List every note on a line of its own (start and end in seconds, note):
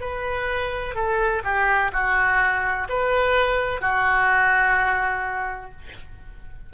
0.00 0.94 B4
0.94 1.42 A4
1.44 1.91 G4
1.92 2.87 F#4
2.89 3.81 B4
3.81 5.71 F#4